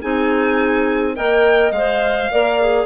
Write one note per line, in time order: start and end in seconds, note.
0.00 1.18 C4
0.00 1.15 D#4
0.00 1.15 G#4
0.00 1.15 G#5
1.15 1.71 A#3
1.15 1.72 A#4
1.15 2.32 D#5
1.15 1.72 G5
1.71 2.29 G#3
1.71 2.31 C5
1.71 2.86 F5
2.31 2.86 A#3
2.31 2.60 A#4
2.31 2.86 D5
2.60 2.86 G#4